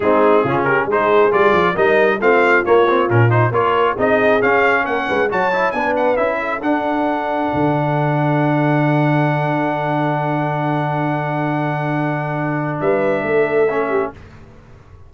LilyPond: <<
  \new Staff \with { instrumentName = "trumpet" } { \time 4/4 \tempo 4 = 136 gis'4. ais'8 c''4 d''4 | dis''4 f''4 cis''4 ais'8 c''8 | cis''4 dis''4 f''4 fis''4 | a''4 gis''8 fis''8 e''4 fis''4~ |
fis''1~ | fis''1~ | fis''1~ | fis''4 e''2. | }
  \new Staff \with { instrumentName = "horn" } { \time 4/4 dis'4 f'8 g'8 gis'2 | ais'4 f'2. | ais'4 gis'2 ais'8 b'8 | cis''4 b'4. a'4.~ |
a'1~ | a'1~ | a'1~ | a'4 b'4 a'4. g'8 | }
  \new Staff \with { instrumentName = "trombone" } { \time 4/4 c'4 cis'4 dis'4 f'4 | dis'4 c'4 ais8 c'8 cis'8 dis'8 | f'4 dis'4 cis'2 | fis'8 e'8 d'4 e'4 d'4~ |
d'1~ | d'1~ | d'1~ | d'2. cis'4 | }
  \new Staff \with { instrumentName = "tuba" } { \time 4/4 gis4 cis4 gis4 g8 f8 | g4 a4 ais4 ais,4 | ais4 c'4 cis'4 ais8 gis8 | fis4 b4 cis'4 d'4~ |
d'4 d2.~ | d1~ | d1~ | d4 g4 a2 | }
>>